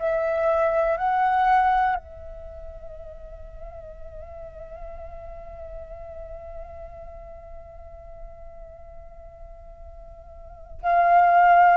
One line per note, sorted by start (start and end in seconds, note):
0.00 0.97 E5
0.97 1.96 F#5
1.96 10.82 E5
10.83 11.77 F5